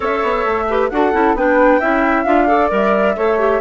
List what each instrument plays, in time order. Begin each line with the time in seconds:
0.00 bassoon C#4, clarinet A4, flute C#5 E5
0.22 bassoon B3
0.45 bassoon A3
0.69 clarinet G4, flute B4
0.89 bassoon D4, clarinet F#4, flute A4 F#5
1.12 bassoon C#4, clarinet E4
1.34 bassoon B3, clarinet D4, flute B4 G5
1.80 bassoon C#4, clarinet E4, flute E5
2.23 bassoon D4, clarinet F4, flute F5
2.47 clarinet A4, flute D5
2.70 bassoon G3, clarinet A#4, flute E5
3.16 bassoon A3, clarinet A4, flute C#5
3.39 clarinet G4